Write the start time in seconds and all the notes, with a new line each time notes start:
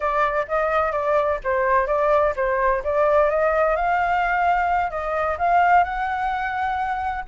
0.00 D5
0.48 D#5
0.92 D5
1.43 C5
1.86 D5
2.36 C5
2.84 D5
3.30 D#5
3.76 F5
4.90 D#5
5.38 F5
5.84 F#5